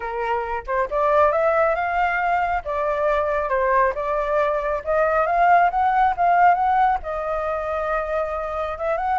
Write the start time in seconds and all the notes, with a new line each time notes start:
0.00 A#4
0.66 C5
0.90 D5
1.32 E5
1.75 F5
2.64 D5
3.49 C5
3.94 D5
4.84 D#5
5.26 F5
5.70 F#5
6.16 F5
6.54 F#5
7.03 D#5
8.78 E5
8.97 F#5